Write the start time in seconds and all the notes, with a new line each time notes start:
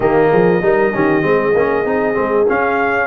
0.00 D#3 A#3 G4 D#5
0.30 F3 G#4
0.61 G3 D#4 A#4
0.93 D#3 C#4 G4
1.22 G#3 C4 G#4
1.54 A#3 C#4
1.85 C4 D#4
2.14 G#3 C4
2.47 C#4 F5